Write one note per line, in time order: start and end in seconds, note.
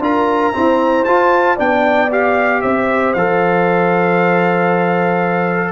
0.00 0.52 D4
0.00 0.53 F4
0.00 0.55 A#4
0.00 1.05 A#5
0.53 1.06 C4
0.53 1.07 E4
0.53 1.56 C5
1.05 1.59 F4
1.05 1.58 F4
1.05 1.57 A5
1.56 2.64 B3
1.56 2.10 D4
1.56 2.60 D5
1.56 2.12 G5
2.11 3.15 G4
2.11 2.62 F5
2.62 3.15 C4
2.62 5.72 C5
2.62 3.13 E5
3.13 5.72 F3
3.13 5.72 A4
3.13 5.72 F5